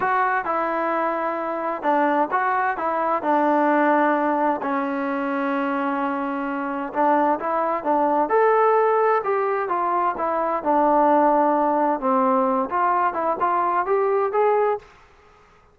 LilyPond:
\new Staff \with { instrumentName = "trombone" } { \time 4/4 \tempo 4 = 130 fis'4 e'2. | d'4 fis'4 e'4 d'4~ | d'2 cis'2~ | cis'2. d'4 |
e'4 d'4 a'2 | g'4 f'4 e'4 d'4~ | d'2 c'4. f'8~ | f'8 e'8 f'4 g'4 gis'4 | }